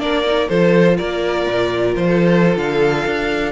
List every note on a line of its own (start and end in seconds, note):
0.00 0.49 A#3
0.00 0.25 D4
0.00 0.49 A#4
0.00 0.49 D5
0.25 0.50 D#4
0.49 0.99 F3
0.49 3.52 F4
0.49 0.98 A4
0.49 0.98 C5
0.98 1.47 A#3
0.98 2.07 A#4
0.98 1.95 D5
1.47 1.96 A#2
1.96 2.56 F3
1.96 2.57 C5
2.07 3.52 A4
2.56 3.05 D3
2.56 3.52 F5
3.06 3.52 D4